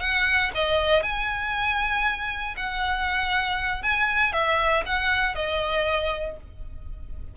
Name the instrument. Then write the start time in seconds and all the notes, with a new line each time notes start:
violin
0.00 F#5
0.54 D#5
1.02 G#5
2.56 F#5
3.82 G#5
4.32 E5
4.85 F#5
5.35 D#5